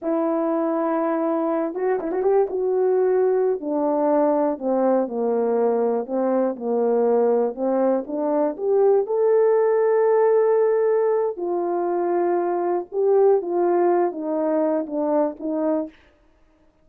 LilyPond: \new Staff \with { instrumentName = "horn" } { \time 4/4 \tempo 4 = 121 e'2.~ e'8 fis'8 | e'16 fis'16 g'8 fis'2~ fis'16 d'8.~ | d'4~ d'16 c'4 ais4.~ ais16~ | ais16 c'4 ais2 c'8.~ |
c'16 d'4 g'4 a'4.~ a'16~ | a'2. f'4~ | f'2 g'4 f'4~ | f'8 dis'4. d'4 dis'4 | }